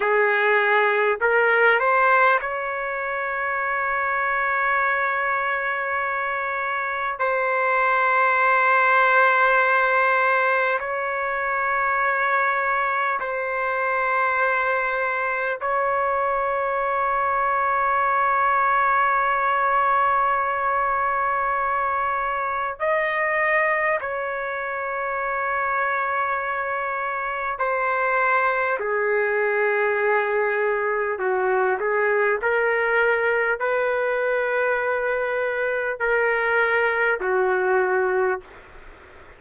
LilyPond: \new Staff \with { instrumentName = "trumpet" } { \time 4/4 \tempo 4 = 50 gis'4 ais'8 c''8 cis''2~ | cis''2 c''2~ | c''4 cis''2 c''4~ | c''4 cis''2.~ |
cis''2. dis''4 | cis''2. c''4 | gis'2 fis'8 gis'8 ais'4 | b'2 ais'4 fis'4 | }